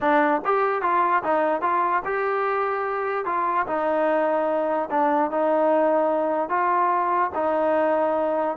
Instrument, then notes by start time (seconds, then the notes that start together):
trombone
0.00 D4
0.45 G4
0.82 F4
1.23 D#4
1.61 F4
2.04 G4
3.25 F4
3.66 D#4
4.90 D4
5.30 D#4
6.49 F4
7.34 D#4